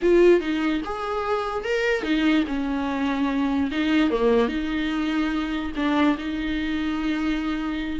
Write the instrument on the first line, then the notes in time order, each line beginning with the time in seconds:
viola
0.02 F4
0.40 D#4
0.84 G#4
1.64 A#4
2.02 D#4
2.47 C#4
3.71 D#4
4.10 A#3
4.48 D#4
5.75 D4
6.18 D#4